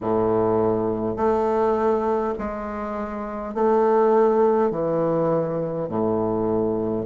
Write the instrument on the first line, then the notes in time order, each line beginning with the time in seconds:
bassoon
0.01 A2
1.16 A3
2.38 G#3
3.54 A3
4.71 E3
5.88 A2